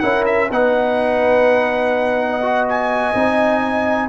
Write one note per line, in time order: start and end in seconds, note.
0.00 0.51 C#4
0.00 0.50 E4
0.00 0.51 A#4
0.00 0.24 F#5
0.26 0.50 E5
0.51 3.15 B3
0.51 2.42 D#4
0.51 2.31 B4
0.51 2.68 F#5
2.31 4.09 D#5
2.42 3.14 F#4
2.69 4.09 G#5
3.15 4.09 C4
3.15 4.09 D#4